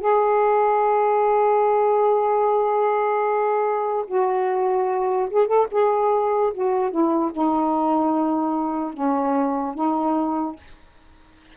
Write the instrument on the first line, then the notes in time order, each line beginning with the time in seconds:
saxophone
0.00 G#4
4.07 F#4
5.30 G#4
5.47 A4
5.71 G#4
6.53 F#4
6.91 E4
7.32 D#4
8.94 C#4
9.74 D#4